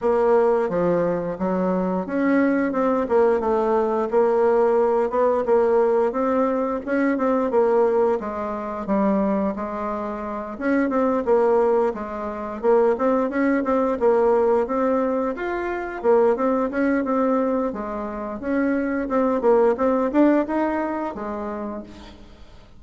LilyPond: \new Staff \with { instrumentName = "bassoon" } { \time 4/4 \tempo 4 = 88 ais4 f4 fis4 cis'4 | c'8 ais8 a4 ais4. b8 | ais4 c'4 cis'8 c'8 ais4 | gis4 g4 gis4. cis'8 |
c'8 ais4 gis4 ais8 c'8 cis'8 | c'8 ais4 c'4 f'4 ais8 | c'8 cis'8 c'4 gis4 cis'4 | c'8 ais8 c'8 d'8 dis'4 gis4 | }